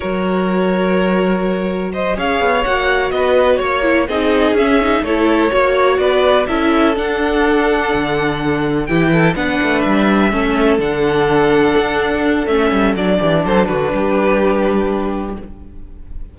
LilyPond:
<<
  \new Staff \with { instrumentName = "violin" } { \time 4/4 \tempo 4 = 125 cis''1 | dis''8 f''4 fis''4 dis''4 cis''8~ | cis''8 dis''4 e''4 cis''4.~ | cis''8 d''4 e''4 fis''4.~ |
fis''2~ fis''8 g''4 fis''8~ | fis''8 e''2 fis''4.~ | fis''2 e''4 d''4 | c''8 b'2.~ b'8 | }
  \new Staff \with { instrumentName = "violin" } { \time 4/4 ais'1 | c''8 cis''2 b'4 cis''8~ | cis''8 gis'2 a'4 cis''8~ | cis''8 b'4 a'2~ a'8~ |
a'2~ a'8 g'8 a'8 b'8~ | b'4. a'2~ a'8~ | a'2.~ a'8 g'8 | a'8 fis'8 g'2. | }
  \new Staff \with { instrumentName = "viola" } { \time 4/4 fis'1~ | fis'8 gis'4 fis'2~ fis'8 | e'8 dis'4 cis'8 dis'8 e'4 fis'8~ | fis'4. e'4 d'4.~ |
d'2~ d'8 e'4 d'8~ | d'4. cis'4 d'4.~ | d'2 cis'4 d'4~ | d'1 | }
  \new Staff \with { instrumentName = "cello" } { \time 4/4 fis1~ | fis8 cis'8 b8 ais4 b4 ais8~ | ais8 c'4 cis'4 a4 ais8~ | ais8 b4 cis'4 d'4.~ |
d'8 d2 e4 b8 | a8 g4 a4 d4.~ | d8 d'4. a8 g8 fis8 e8 | fis8 d8 g2. | }
>>